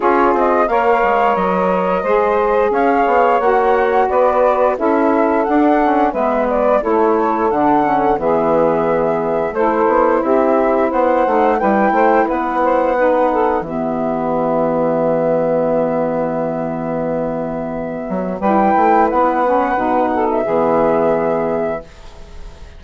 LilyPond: <<
  \new Staff \with { instrumentName = "flute" } { \time 4/4 \tempo 4 = 88 cis''8 dis''8 f''4 dis''2 | f''4 fis''4 d''4 e''4 | fis''4 e''8 d''8 cis''4 fis''4 | e''2 c''4 e''4 |
fis''4 g''4 fis''2 | e''1~ | e''2. g''4 | fis''4.~ fis''16 e''2~ e''16 | }
  \new Staff \with { instrumentName = "saxophone" } { \time 4/4 gis'4 cis''2 c''4 | cis''2 b'4 a'4~ | a'4 b'4 a'2 | gis'2 a'4 g'4 |
c''4 b'8 c''8 b'8 c''8 b'8 a'8 | g'1~ | g'2. b'4~ | b'4. a'8 gis'2 | }
  \new Staff \with { instrumentName = "saxophone" } { \time 4/4 f'4 ais'2 gis'4~ | gis'4 fis'2 e'4 | d'8 cis'8 b4 e'4 d'8 cis'8 | b2 e'2~ |
e'8 dis'8 e'2 dis'4 | b1~ | b2. e'4~ | e'8 cis'8 dis'4 b2 | }
  \new Staff \with { instrumentName = "bassoon" } { \time 4/4 cis'8 c'8 ais8 gis8 fis4 gis4 | cis'8 b8 ais4 b4 cis'4 | d'4 gis4 a4 d4 | e2 a8 b8 c'4 |
b8 a8 g8 a8 b2 | e1~ | e2~ e8 fis8 g8 a8 | b4 b,4 e2 | }
>>